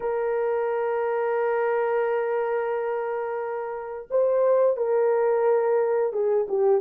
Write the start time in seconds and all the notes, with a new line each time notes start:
0.00 A#4
4.10 C5
4.76 A#4
6.12 G#4
6.48 G4